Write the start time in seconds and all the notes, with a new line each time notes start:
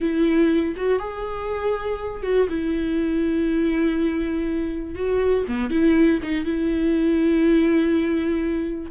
0.00 E4
0.76 F#4
0.99 G#4
2.22 F#4
2.49 E4
4.95 F#4
5.47 B3
5.70 E4
6.23 D#4
6.44 E4